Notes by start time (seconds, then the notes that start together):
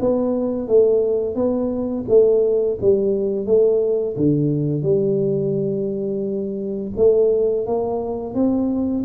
0.00 B3
0.68 A3
1.35 B3
2.08 A3
2.81 G3
3.46 A3
4.16 D3
4.83 G3
6.97 A3
7.66 A#3
8.35 C4